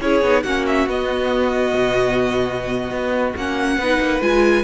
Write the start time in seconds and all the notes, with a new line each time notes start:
0.00 C#4 E4 G#4 C#5
0.21 B3 D#4
0.43 A#3 C#4 F#4 F#5
0.66 E5
0.87 B3 D#5
1.73 B2
2.90 B3
3.36 A#3 C#4 F#5
3.77 B3 D#4 B4
4.00 A#3
4.20 G#3 F4 G#5